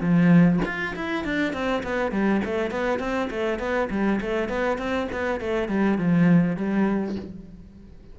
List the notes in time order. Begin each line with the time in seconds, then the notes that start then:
0.00 F3
0.65 F4
0.95 E4
1.24 D4
1.53 C4
1.83 B3
2.11 G3
2.44 A3
2.70 B3
2.99 C4
3.30 A3
3.59 B3
3.90 G3
4.20 A3
4.49 B3
4.78 C4
5.12 B3
5.40 A3
5.68 G3
5.98 F3
6.56 G3